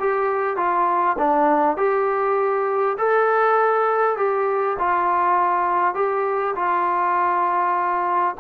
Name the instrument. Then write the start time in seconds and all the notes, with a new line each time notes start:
trombone
0.00 G4
0.57 F4
1.19 D4
1.78 G4
2.98 A4
4.17 G4
4.79 F4
5.95 G4
6.56 F4